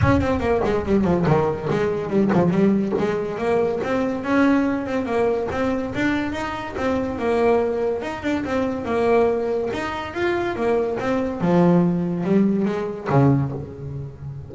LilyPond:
\new Staff \with { instrumentName = "double bass" } { \time 4/4 \tempo 4 = 142 cis'8 c'8 ais8 gis8 g8 f8 dis4 | gis4 g8 f8 g4 gis4 | ais4 c'4 cis'4. c'8 | ais4 c'4 d'4 dis'4 |
c'4 ais2 dis'8 d'8 | c'4 ais2 dis'4 | f'4 ais4 c'4 f4~ | f4 g4 gis4 cis4 | }